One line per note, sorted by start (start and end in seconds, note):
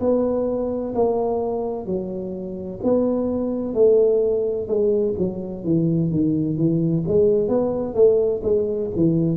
0.00 0.94 B3
0.95 1.86 A#3
1.86 2.80 F#3
2.83 3.74 B3
3.74 4.67 A3
4.67 5.14 G#3
5.18 5.64 F#3
5.64 6.11 E3
6.11 6.57 D#3
6.57 7.04 E3
7.07 7.48 G#3
7.48 7.94 B3
7.94 8.41 A3
8.43 8.90 G#3
8.95 9.37 E3